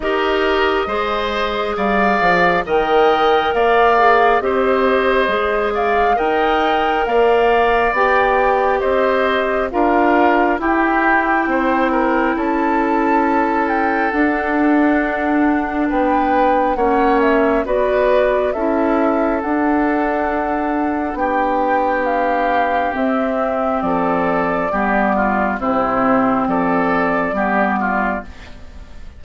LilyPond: <<
  \new Staff \with { instrumentName = "flute" } { \time 4/4 \tempo 4 = 68 dis''2 f''4 g''4 | f''4 dis''4. f''8 g''4 | f''4 g''4 dis''4 f''4 | g''2 a''4. g''8 |
fis''2 g''4 fis''8 e''8 | d''4 e''4 fis''2 | g''4 f''4 e''4 d''4~ | d''4 c''4 d''2 | }
  \new Staff \with { instrumentName = "oboe" } { \time 4/4 ais'4 c''4 d''4 dis''4 | d''4 c''4. d''8 dis''4 | d''2 c''4 ais'4 | g'4 c''8 ais'8 a'2~ |
a'2 b'4 cis''4 | b'4 a'2. | g'2. a'4 | g'8 f'8 e'4 a'4 g'8 f'8 | }
  \new Staff \with { instrumentName = "clarinet" } { \time 4/4 g'4 gis'2 ais'4~ | ais'8 gis'8 g'4 gis'4 ais'4~ | ais'4 g'2 f'4 | e'1 |
d'2. cis'4 | fis'4 e'4 d'2~ | d'2 c'2 | b4 c'2 b4 | }
  \new Staff \with { instrumentName = "bassoon" } { \time 4/4 dis'4 gis4 g8 f8 dis4 | ais4 c'4 gis4 dis'4 | ais4 b4 c'4 d'4 | e'4 c'4 cis'2 |
d'2 b4 ais4 | b4 cis'4 d'2 | b2 c'4 f4 | g4 c4 f4 g4 | }
>>